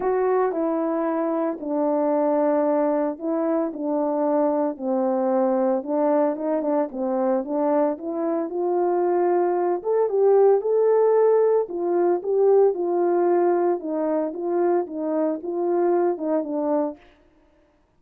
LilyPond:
\new Staff \with { instrumentName = "horn" } { \time 4/4 \tempo 4 = 113 fis'4 e'2 d'4~ | d'2 e'4 d'4~ | d'4 c'2 d'4 | dis'8 d'8 c'4 d'4 e'4 |
f'2~ f'8 a'8 g'4 | a'2 f'4 g'4 | f'2 dis'4 f'4 | dis'4 f'4. dis'8 d'4 | }